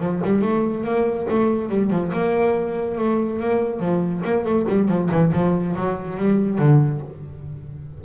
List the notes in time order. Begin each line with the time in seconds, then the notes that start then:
0.00 F3
0.24 G3
0.41 A3
0.84 A#3
1.29 A3
1.69 G3
1.90 F3
2.12 A#3
2.98 A3
3.39 A#3
3.79 F3
4.24 A#3
4.44 A3
4.68 G3
4.88 F3
5.11 E3
5.33 F3
5.76 F#3
6.17 G3
6.58 D3